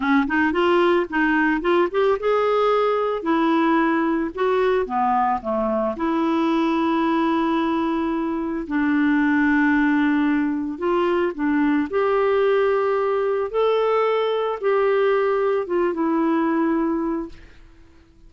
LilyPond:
\new Staff \with { instrumentName = "clarinet" } { \time 4/4 \tempo 4 = 111 cis'8 dis'8 f'4 dis'4 f'8 g'8 | gis'2 e'2 | fis'4 b4 a4 e'4~ | e'1 |
d'1 | f'4 d'4 g'2~ | g'4 a'2 g'4~ | g'4 f'8 e'2~ e'8 | }